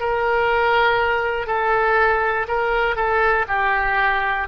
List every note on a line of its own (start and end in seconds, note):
0.00 1.46 A#4
1.46 2.46 A4
2.47 2.96 A#4
2.96 3.46 A4
3.48 4.48 G4